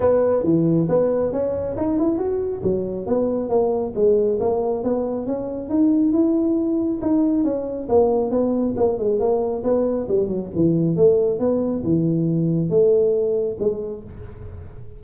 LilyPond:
\new Staff \with { instrumentName = "tuba" } { \time 4/4 \tempo 4 = 137 b4 e4 b4 cis'4 | dis'8 e'8 fis'4 fis4 b4 | ais4 gis4 ais4 b4 | cis'4 dis'4 e'2 |
dis'4 cis'4 ais4 b4 | ais8 gis8 ais4 b4 g8 fis8 | e4 a4 b4 e4~ | e4 a2 gis4 | }